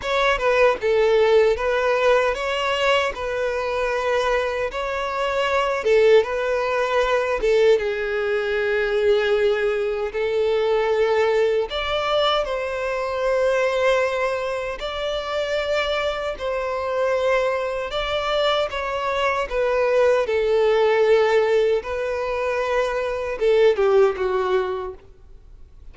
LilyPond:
\new Staff \with { instrumentName = "violin" } { \time 4/4 \tempo 4 = 77 cis''8 b'8 a'4 b'4 cis''4 | b'2 cis''4. a'8 | b'4. a'8 gis'2~ | gis'4 a'2 d''4 |
c''2. d''4~ | d''4 c''2 d''4 | cis''4 b'4 a'2 | b'2 a'8 g'8 fis'4 | }